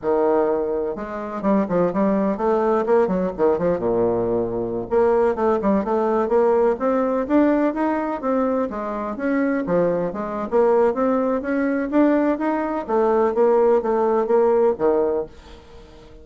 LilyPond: \new Staff \with { instrumentName = "bassoon" } { \time 4/4 \tempo 4 = 126 dis2 gis4 g8 f8 | g4 a4 ais8 fis8 dis8 f8 | ais,2~ ais,16 ais4 a8 g16~ | g16 a4 ais4 c'4 d'8.~ |
d'16 dis'4 c'4 gis4 cis'8.~ | cis'16 f4 gis8. ais4 c'4 | cis'4 d'4 dis'4 a4 | ais4 a4 ais4 dis4 | }